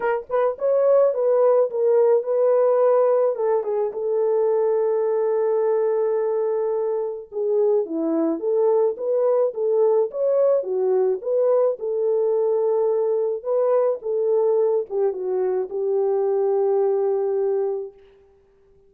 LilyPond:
\new Staff \with { instrumentName = "horn" } { \time 4/4 \tempo 4 = 107 ais'8 b'8 cis''4 b'4 ais'4 | b'2 a'8 gis'8 a'4~ | a'1~ | a'4 gis'4 e'4 a'4 |
b'4 a'4 cis''4 fis'4 | b'4 a'2. | b'4 a'4. g'8 fis'4 | g'1 | }